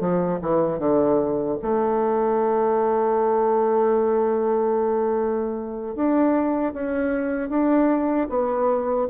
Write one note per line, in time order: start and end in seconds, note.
0.00 0.39 F3
0.41 0.79 E3
0.79 1.58 D3
1.62 5.95 A3
5.95 6.73 D4
6.73 7.49 C#4
7.49 8.28 D4
8.29 9.08 B3